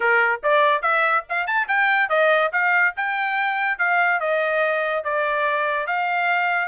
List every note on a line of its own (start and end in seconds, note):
0.00 0.41 A#4
0.43 0.82 D5
0.82 1.24 E5
1.29 1.46 F5
1.46 1.67 A5
1.68 2.09 G5
2.09 2.51 D#5
2.52 2.94 F5
2.96 3.78 G5
3.78 4.20 F5
4.20 5.03 D#5
5.03 5.86 D5
5.86 6.68 F5